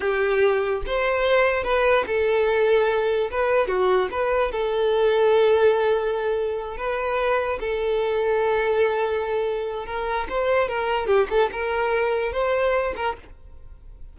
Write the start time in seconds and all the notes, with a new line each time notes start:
0.00 G4
0.86 C5
1.63 B4
2.07 A4
3.30 B4
3.67 F#4
4.11 B4
4.51 A4
6.77 B4
7.60 A4
9.86 A#4
10.29 C5
10.68 A#4
11.07 G4
11.30 A4
11.52 A#4
12.32 C5
12.96 A#4